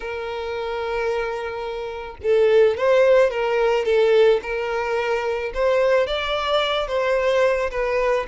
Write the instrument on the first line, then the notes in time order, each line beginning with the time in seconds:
violin
0.00 A#4
2.22 A4
2.77 C5
3.30 A#4
3.85 A4
4.42 A#4
5.53 C5
6.07 D5
6.87 C5
7.70 B4